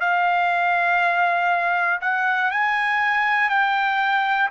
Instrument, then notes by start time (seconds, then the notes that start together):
trumpet
0.00 F5
2.01 F#5
2.51 G#5
3.50 G5